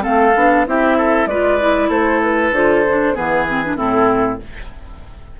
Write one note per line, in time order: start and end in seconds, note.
0.00 0.35 A3
0.00 0.31 C4
0.00 0.65 A4
0.00 0.66 F5
0.35 0.66 B3
0.35 0.66 D4
0.66 1.26 C4
0.66 1.29 E4
0.66 0.97 G4
0.66 1.26 E5
0.97 1.28 A4
1.26 1.88 G#3
1.26 1.60 F4
1.26 1.89 B4
1.26 1.89 D5
1.60 2.53 E4
1.89 2.51 A3
1.89 3.14 A4
1.89 2.21 C5
2.22 2.54 B4
2.51 3.14 D3
2.51 2.84 F4
2.51 3.16 C5
2.88 3.14 D4
3.14 3.77 E3
3.14 3.46 B3
3.14 3.76 G#4
3.14 3.77 B4
3.48 3.63 C4
3.64 3.76 D4
3.76 4.39 A2
3.76 4.38 C4
3.76 4.39 E4
3.76 4.40 A4